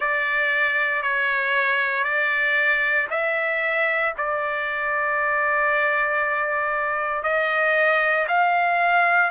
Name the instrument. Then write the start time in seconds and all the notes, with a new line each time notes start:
trumpet
0.00 D5
1.02 C#5
2.04 D5
3.10 E5
4.17 D5
7.23 D#5
8.28 F5